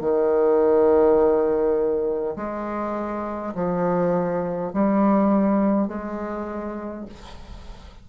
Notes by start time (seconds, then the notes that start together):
0.00 D#3
2.36 G#3
3.55 F3
4.73 G3
5.87 G#3